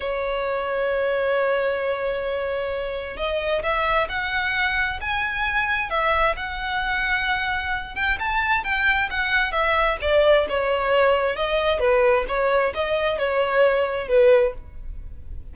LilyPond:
\new Staff \with { instrumentName = "violin" } { \time 4/4 \tempo 4 = 132 cis''1~ | cis''2. dis''4 | e''4 fis''2 gis''4~ | gis''4 e''4 fis''2~ |
fis''4. g''8 a''4 g''4 | fis''4 e''4 d''4 cis''4~ | cis''4 dis''4 b'4 cis''4 | dis''4 cis''2 b'4 | }